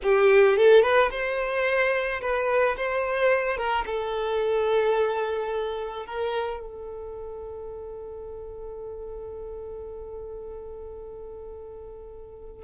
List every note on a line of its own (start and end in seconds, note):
0.03 0.56 G4
0.56 0.82 A4
0.82 1.10 B4
1.10 2.20 C5
2.21 2.76 B4
2.76 3.57 C5
3.57 3.84 A#4
3.86 6.06 A4
6.06 6.60 A#4
6.60 12.64 A4